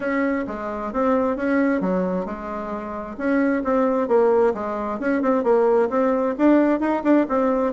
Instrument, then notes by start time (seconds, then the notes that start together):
bassoon
0.00 C#4
0.47 G#3
0.92 C4
1.36 C#4
1.81 F#3
2.25 G#3
3.17 C#4
3.64 C4
4.08 A#3
4.54 G#3
4.99 C#4
5.21 C4
5.43 A#3
5.89 C4
6.37 D4
6.80 D#4
7.03 D4
7.29 C4